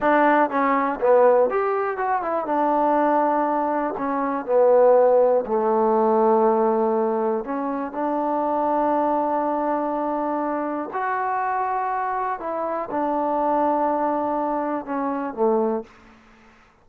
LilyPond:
\new Staff \with { instrumentName = "trombone" } { \time 4/4 \tempo 4 = 121 d'4 cis'4 b4 g'4 | fis'8 e'8 d'2. | cis'4 b2 a4~ | a2. cis'4 |
d'1~ | d'2 fis'2~ | fis'4 e'4 d'2~ | d'2 cis'4 a4 | }